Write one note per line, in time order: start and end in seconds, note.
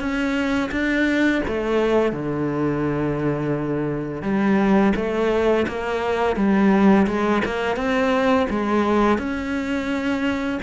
0.00 0.71 C#4
0.72 1.42 D4
1.48 2.13 A3
2.13 4.23 D3
4.23 4.93 G3
4.96 5.67 A3
5.68 6.37 A#3
6.37 7.07 G3
7.07 7.43 G#3
7.46 7.77 A#3
7.77 8.47 C4
8.50 9.19 G#3
9.19 10.60 C#4